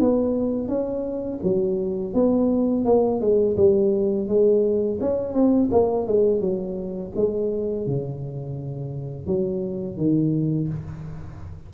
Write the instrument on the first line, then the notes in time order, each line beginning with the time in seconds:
tuba
0.00 B3
0.69 C#4
1.43 F#3
2.14 B3
2.85 A#3
3.21 G#3
3.57 G3
4.28 G#3
5.01 C#4
5.34 C4
5.71 A#3
6.07 G#3
6.41 F#3
7.16 G#3
7.87 C#3
9.27 F#3
9.97 D#3